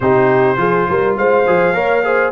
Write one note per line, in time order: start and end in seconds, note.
0.00 0.57 C3
0.00 0.57 D#4
0.00 0.58 G4
0.00 1.16 C5
0.57 0.86 F3
0.57 1.44 F4
0.57 0.87 G#4
0.89 1.17 G3
0.89 1.17 A#4
1.17 1.46 G#3
1.17 1.74 C5
1.17 2.31 F5
1.46 1.73 F3
1.46 1.74 G#4
1.73 2.31 A#3
1.73 2.03 A#4
1.73 2.04 C#5
2.03 2.31 G#4
2.03 2.31 C5